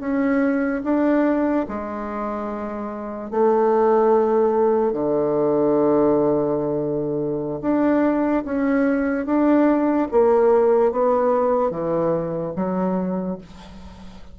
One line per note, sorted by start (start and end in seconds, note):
0.00 0.83 C#4
0.84 1.67 D4
1.68 3.31 G#3
3.31 4.93 A3
4.93 7.60 D3
7.62 8.44 D4
8.45 9.26 C#4
9.26 10.08 D4
10.12 10.92 A#3
10.92 11.71 B3
11.71 12.53 E3
12.56 13.38 F#3